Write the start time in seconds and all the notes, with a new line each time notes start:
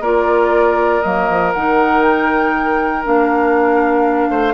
0.00 A#3 F4 A#4 D5
1.02 F#3 A#3 D#5
1.29 F3
1.53 D#3 D#4 F#5
2.03 G5
3.04 A#3 D4 F5
4.30 A3 C5